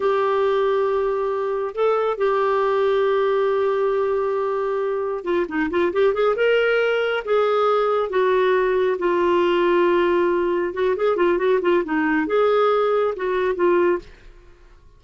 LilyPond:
\new Staff \with { instrumentName = "clarinet" } { \time 4/4 \tempo 4 = 137 g'1 | a'4 g'2.~ | g'1 | f'8 dis'8 f'8 g'8 gis'8 ais'4.~ |
ais'8 gis'2 fis'4.~ | fis'8 f'2.~ f'8~ | f'8 fis'8 gis'8 f'8 fis'8 f'8 dis'4 | gis'2 fis'4 f'4 | }